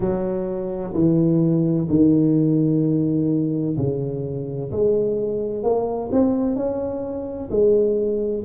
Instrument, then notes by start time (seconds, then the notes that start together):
tuba
0.00 F#3
0.93 E3
1.89 D#3
3.77 C#3
4.71 G#3
5.62 A#3
6.12 C4
6.55 C#4
7.50 G#3